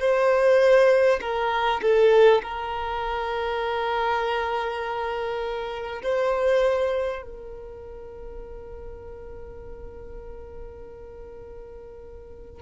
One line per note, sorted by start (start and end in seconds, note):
0.00 1.20 C5
1.21 1.81 A#4
1.82 2.42 A4
2.42 6.02 A#4
6.03 7.22 C5
7.22 12.62 A#4